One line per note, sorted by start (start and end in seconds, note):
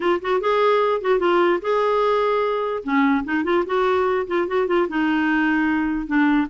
0.00 0.20 F4
0.21 0.41 F#4
0.41 1.01 G#4
1.01 1.19 F#4
1.19 1.59 F4
1.61 2.83 G#4
2.83 3.24 C#4
3.24 3.44 D#4
3.44 3.64 F4
3.66 4.26 F#4
4.27 4.47 F4
4.47 4.67 F#4
4.67 4.87 F4
4.88 6.06 D#4
6.06 6.47 D4